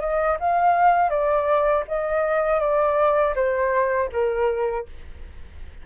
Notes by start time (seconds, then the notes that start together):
0.00 D#5
0.40 F5
1.09 D5
1.88 D#5
2.60 D5
3.35 C5
4.12 A#4